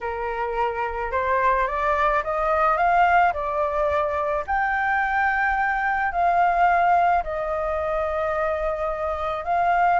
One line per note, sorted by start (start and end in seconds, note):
0.01 1.11 A#4
1.11 1.67 C5
1.67 2.22 D5
2.23 2.77 D#5
2.77 3.32 F5
3.33 4.44 D5
4.46 6.12 G5
6.12 7.23 F5
7.23 9.44 D#5
9.44 9.99 F5